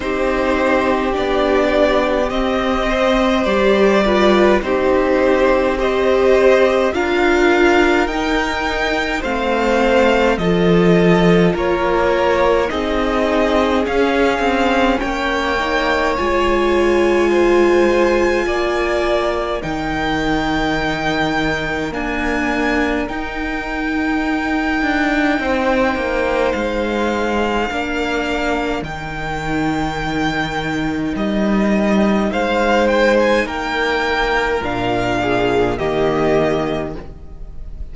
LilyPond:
<<
  \new Staff \with { instrumentName = "violin" } { \time 4/4 \tempo 4 = 52 c''4 d''4 dis''4 d''4 | c''4 dis''4 f''4 g''4 | f''4 dis''4 cis''4 dis''4 | f''4 g''4 gis''2~ |
gis''4 g''2 gis''4 | g''2. f''4~ | f''4 g''2 dis''4 | f''8 g''16 gis''16 g''4 f''4 dis''4 | }
  \new Staff \with { instrumentName = "violin" } { \time 4/4 g'2~ g'8 c''4 b'8 | g'4 c''4 ais'2 | c''4 a'4 ais'4 gis'4~ | gis'4 cis''2 c''4 |
d''4 ais'2.~ | ais'2 c''2 | ais'1 | c''4 ais'4. gis'8 g'4 | }
  \new Staff \with { instrumentName = "viola" } { \time 4/4 dis'4 d'4 c'4 g'8 f'8 | dis'4 g'4 f'4 dis'4 | c'4 f'2 dis'4 | cis'4. dis'8 f'2~ |
f'4 dis'2 ais4 | dis'1 | d'4 dis'2.~ | dis'2 d'4 ais4 | }
  \new Staff \with { instrumentName = "cello" } { \time 4/4 c'4 b4 c'4 g4 | c'2 d'4 dis'4 | a4 f4 ais4 c'4 | cis'8 c'8 ais4 gis2 |
ais4 dis2 d'4 | dis'4. d'8 c'8 ais8 gis4 | ais4 dis2 g4 | gis4 ais4 ais,4 dis4 | }
>>